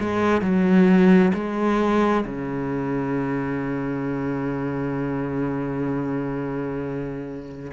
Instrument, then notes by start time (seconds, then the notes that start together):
cello
0.00 G#3
0.42 F#3
1.34 G#3
2.26 C#3